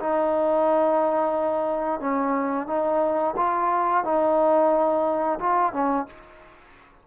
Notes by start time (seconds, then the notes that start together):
0.00 D#4
2.00 C#4
2.67 D#4
3.37 F4
4.04 D#4
5.39 F4
5.73 C#4